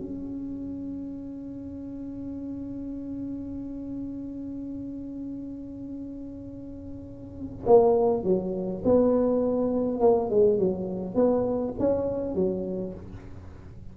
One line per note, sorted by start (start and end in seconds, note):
0.00 7.65 C#4
7.66 8.23 A#3
8.23 8.82 F#3
8.84 10.00 B3
10.00 10.30 A#3
10.30 10.58 G#3
10.58 11.15 F#3
11.15 11.74 B3
11.79 12.35 C#4
12.35 12.94 F#3